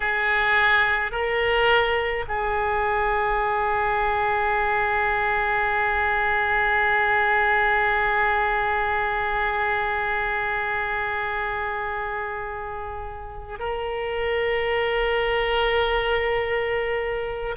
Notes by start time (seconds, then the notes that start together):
0.00 G#4
1.11 A#4
2.27 G#4
13.59 A#4